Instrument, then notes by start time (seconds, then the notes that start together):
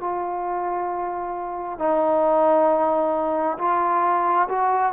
trombone
0.00 F4
1.79 D#4
3.58 F4
4.49 F#4